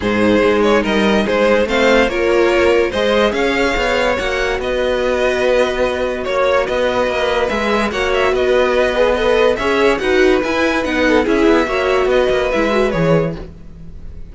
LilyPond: <<
  \new Staff \with { instrumentName = "violin" } { \time 4/4 \tempo 4 = 144 c''4. cis''8 dis''4 c''4 | f''4 cis''2 dis''4 | f''2 fis''4 dis''4~ | dis''2. cis''4 |
dis''2 e''4 fis''8 e''8 | dis''2 b'4 e''4 | fis''4 gis''4 fis''4 e''4~ | e''4 dis''4 e''4 cis''4 | }
  \new Staff \with { instrumentName = "violin" } { \time 4/4 gis'2 ais'4 gis'4 | c''4 ais'2 c''4 | cis''2. b'4~ | b'2. cis''4 |
b'2. cis''4 | b'2 dis''4 cis''4 | b'2~ b'8 a'8 gis'4 | cis''4 b'2. | }
  \new Staff \with { instrumentName = "viola" } { \time 4/4 dis'1 | c'4 f'2 gis'4~ | gis'2 fis'2~ | fis'1~ |
fis'2 gis'4 fis'4~ | fis'4. gis'8 a'4 gis'4 | fis'4 e'4 dis'4 e'4 | fis'2 e'8 fis'8 gis'4 | }
  \new Staff \with { instrumentName = "cello" } { \time 4/4 gis,4 gis4 g4 gis4 | a4 ais2 gis4 | cis'4 b4 ais4 b4~ | b2. ais4 |
b4 ais4 gis4 ais4 | b2. cis'4 | dis'4 e'4 b4 cis'8 b8 | ais4 b8 ais8 gis4 e4 | }
>>